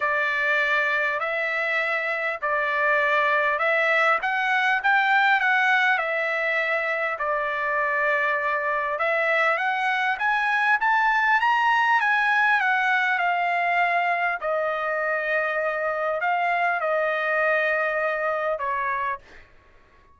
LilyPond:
\new Staff \with { instrumentName = "trumpet" } { \time 4/4 \tempo 4 = 100 d''2 e''2 | d''2 e''4 fis''4 | g''4 fis''4 e''2 | d''2. e''4 |
fis''4 gis''4 a''4 ais''4 | gis''4 fis''4 f''2 | dis''2. f''4 | dis''2. cis''4 | }